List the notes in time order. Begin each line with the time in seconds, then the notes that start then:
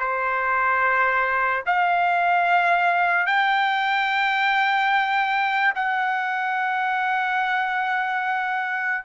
0.00 C5
1.66 F5
3.27 G5
5.75 F#5